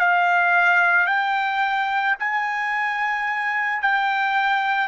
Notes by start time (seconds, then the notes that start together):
0.00 F5
1.07 G5
2.20 G#5
3.82 G5